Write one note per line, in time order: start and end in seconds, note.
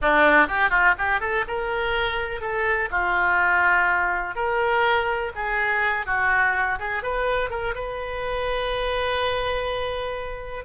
0.01 0.47 D4
0.47 0.70 G4
0.70 0.94 F4
0.98 1.20 G4
1.20 1.44 A4
1.47 2.41 A#4
2.41 2.89 A4
2.90 4.35 F4
4.35 5.31 A#4
5.35 6.06 G#4
6.06 6.78 F#4
6.79 7.02 G#4
7.02 7.50 B4
7.50 7.74 A#4
7.74 10.64 B4